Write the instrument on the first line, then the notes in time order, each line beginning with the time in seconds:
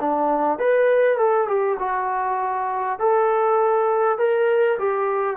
trombone
0.00 D4
0.58 B4
1.17 A4
1.48 G4
1.79 F#4
2.99 A4
4.18 A#4
4.78 G4